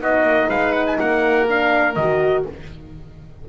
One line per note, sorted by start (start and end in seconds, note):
0.00 0.22 B3
0.00 1.46 D#4
0.00 0.48 F#4
0.00 0.49 D#5
0.22 0.47 A#3
0.48 0.97 G#3
0.48 0.97 B4
0.48 0.72 F5
0.72 0.84 F#5
0.86 0.98 G#5
0.99 1.96 A#3
0.99 2.45 A#4
0.99 1.48 F#5
1.47 1.96 D4
1.47 1.95 F5
1.95 2.45 D#3
1.95 2.48 F#4
1.95 2.43 D#5